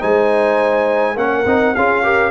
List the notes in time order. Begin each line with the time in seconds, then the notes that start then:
0.00 G#3 D#4 C5 G#5
1.16 A#3 C#4 A#4 F#5
1.46 C4 D#4
1.76 C#4 F4 G#4 F5
2.04 G4 A#4